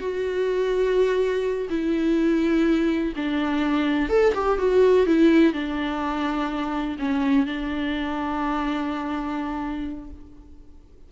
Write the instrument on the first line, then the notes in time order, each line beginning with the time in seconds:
viola
0.00 F#4
1.69 E4
3.16 D4
4.09 A4
4.34 G4
4.58 F#4
5.06 E4
5.53 D4
6.99 C#4
7.46 D4